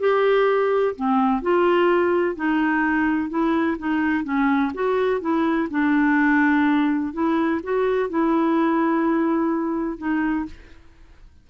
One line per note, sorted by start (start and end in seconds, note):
0.00 0.95 G4
0.96 1.42 C4
1.42 2.36 F4
2.36 3.30 D#4
3.30 3.77 E4
3.79 4.24 D#4
4.24 4.72 C#4
4.74 5.21 F#4
5.21 5.69 E4
5.70 7.13 D4
7.13 7.61 E4
7.63 8.10 F#4
8.10 9.98 E4
9.98 10.46 D#4